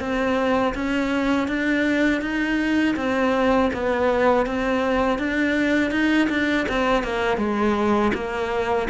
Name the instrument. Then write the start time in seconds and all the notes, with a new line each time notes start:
cello
0.00 C4
0.74 C#4
1.48 D4
2.21 D#4
2.97 C4
3.73 B3
4.46 C4
5.19 D4
5.91 D#4
6.30 D4
6.69 C4
7.04 A#3
7.38 G#3
8.14 A#3